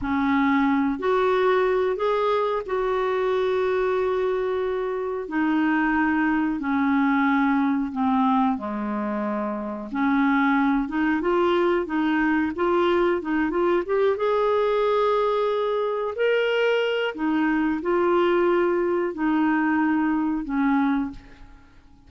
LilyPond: \new Staff \with { instrumentName = "clarinet" } { \time 4/4 \tempo 4 = 91 cis'4. fis'4. gis'4 | fis'1 | dis'2 cis'2 | c'4 gis2 cis'4~ |
cis'8 dis'8 f'4 dis'4 f'4 | dis'8 f'8 g'8 gis'2~ gis'8~ | gis'8 ais'4. dis'4 f'4~ | f'4 dis'2 cis'4 | }